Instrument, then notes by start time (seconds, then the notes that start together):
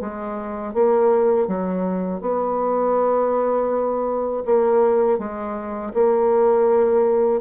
bassoon
0.00 G#3
0.74 A#3
1.47 F#3
2.21 B3
4.45 A#3
5.19 G#3
5.94 A#3